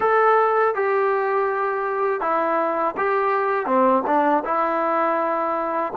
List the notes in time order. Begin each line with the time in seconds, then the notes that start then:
0.00 A4
0.74 G4
2.20 E4
2.97 G4
3.66 C4
4.06 D4
4.44 E4